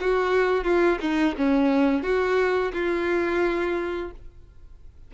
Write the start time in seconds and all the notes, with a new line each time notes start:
0.00 F#4
0.64 F4
1.00 D#4
1.37 C#4
2.03 F#4
2.73 F4